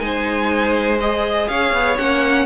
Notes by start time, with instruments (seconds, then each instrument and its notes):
0.00 cello G#3, viola D#4, violin C5 G#5
1.01 viola G#4, violin D#5
1.48 cello C#4, violin C#5 F5
1.74 cello B3
1.98 cello A#3, viola C#4, violin F#5